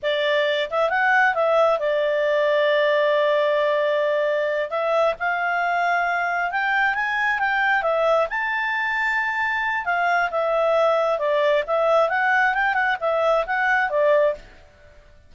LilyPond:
\new Staff \with { instrumentName = "clarinet" } { \time 4/4 \tempo 4 = 134 d''4. e''8 fis''4 e''4 | d''1~ | d''2~ d''8 e''4 f''8~ | f''2~ f''8 g''4 gis''8~ |
gis''8 g''4 e''4 a''4.~ | a''2 f''4 e''4~ | e''4 d''4 e''4 fis''4 | g''8 fis''8 e''4 fis''4 d''4 | }